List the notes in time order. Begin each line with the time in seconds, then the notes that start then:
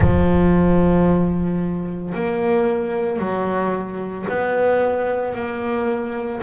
0.00 F3
2.14 A#3
3.19 F#3
4.29 B3
5.34 A#3